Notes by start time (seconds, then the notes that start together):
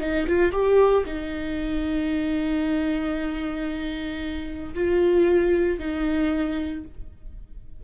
0.00 D#4
0.28 F4
0.52 G4
1.06 D#4
4.74 F4
5.79 D#4